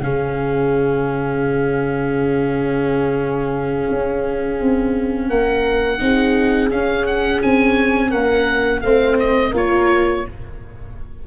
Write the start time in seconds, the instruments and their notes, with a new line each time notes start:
0.00 tuba C#3, viola C#4, horn G#4, oboe F5
3.90 tuba C#4
4.60 tuba C4
5.29 tuba A#3, horn A#4, oboe F#5
5.99 tuba C4, viola D#4, horn G#4
6.70 tuba C#4, viola C#4, oboe F5
7.06 oboe F#5
7.42 tuba C4, oboe G#5
8.10 tuba A#3, horn A#4, oboe F#5
8.81 tuba A3, viola C4, horn C5, oboe F5
9.19 oboe D#5
9.51 tuba A#3, viola F4, horn A#4, oboe C#5